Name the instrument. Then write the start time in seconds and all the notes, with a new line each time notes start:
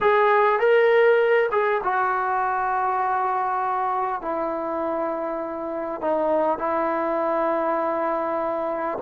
trombone
0.00 G#4
0.59 A#4
1.51 G#4
1.83 F#4
4.21 E4
6.01 D#4
6.58 E4